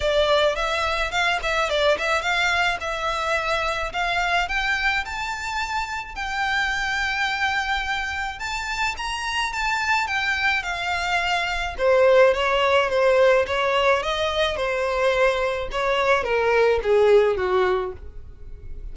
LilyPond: \new Staff \with { instrumentName = "violin" } { \time 4/4 \tempo 4 = 107 d''4 e''4 f''8 e''8 d''8 e''8 | f''4 e''2 f''4 | g''4 a''2 g''4~ | g''2. a''4 |
ais''4 a''4 g''4 f''4~ | f''4 c''4 cis''4 c''4 | cis''4 dis''4 c''2 | cis''4 ais'4 gis'4 fis'4 | }